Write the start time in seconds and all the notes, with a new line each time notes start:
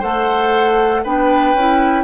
0.00 A3 A4 C5 F#5
1.04 B3 D4 B4 G5
1.54 C#4 E4